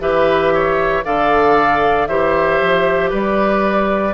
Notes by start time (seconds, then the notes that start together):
0.00 E3 G4 B4 E5
0.54 C#5
1.05 D3 A4 D5 F5
2.07 E3 G4 C5 E5
2.61 F3
3.10 G3 B4 D5